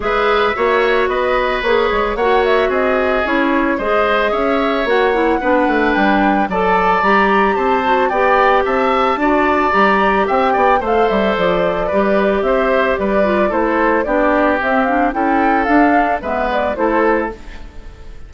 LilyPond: <<
  \new Staff \with { instrumentName = "flute" } { \time 4/4 \tempo 4 = 111 e''2 dis''4 cis''4 | fis''8 e''8 dis''4 cis''4 dis''4 | e''4 fis''2 g''4 | a''4 ais''4 a''4 g''4 |
a''2 ais''4 g''4 | f''8 e''8 d''2 e''4 | d''4 c''4 d''4 e''8 f''8 | g''4 f''4 e''8 d''8 c''4 | }
  \new Staff \with { instrumentName = "oboe" } { \time 4/4 b'4 cis''4 b'2 | cis''4 gis'2 c''4 | cis''2 b'2 | d''2 c''4 d''4 |
e''4 d''2 e''8 d''8 | c''2 b'4 c''4 | b'4 a'4 g'2 | a'2 b'4 a'4 | }
  \new Staff \with { instrumentName = "clarinet" } { \time 4/4 gis'4 fis'2 gis'4 | fis'2 e'4 gis'4~ | gis'4 fis'8 e'8 d'2 | a'4 g'4. fis'8 g'4~ |
g'4 fis'4 g'2 | a'2 g'2~ | g'8 f'8 e'4 d'4 c'8 d'8 | e'4 d'4 b4 e'4 | }
  \new Staff \with { instrumentName = "bassoon" } { \time 4/4 gis4 ais4 b4 ais8 gis8 | ais4 c'4 cis'4 gis4 | cis'4 ais4 b8 a8 g4 | fis4 g4 c'4 b4 |
c'4 d'4 g4 c'8 b8 | a8 g8 f4 g4 c'4 | g4 a4 b4 c'4 | cis'4 d'4 gis4 a4 | }
>>